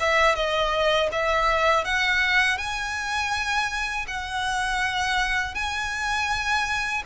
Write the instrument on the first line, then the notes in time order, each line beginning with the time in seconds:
violin
0.00 E5
0.36 D#5
1.12 E5
1.85 F#5
2.58 G#5
4.08 F#5
5.55 G#5